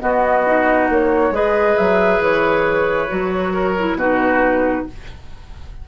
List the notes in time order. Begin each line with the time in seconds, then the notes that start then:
0.00 B3 F#4 D#5
0.46 D#4
0.89 A#3 C#5
1.31 G#3 G#4 B4 D#5
1.78 F#3 E5
2.20 E3 C#5
3.08 F#3 F#4
3.53 A#4
3.79 E4
3.95 B2 D#4 F#4 B4